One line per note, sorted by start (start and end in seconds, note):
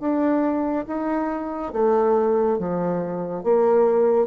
0.00 0.86 D4
0.87 1.73 D#4
1.73 2.59 A3
2.59 3.44 F3
3.44 4.27 A#3